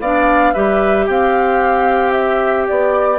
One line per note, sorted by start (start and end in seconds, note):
0.00 0.54 B3
0.00 0.55 D4
0.00 0.54 D5
0.00 0.54 F5
0.54 1.08 G3
0.54 3.18 G4
0.54 1.05 B4
0.54 1.07 E5
1.05 2.69 C4
1.05 3.18 G4
1.05 2.12 F5
2.12 2.66 E5
2.68 3.18 B3
2.68 3.18 D5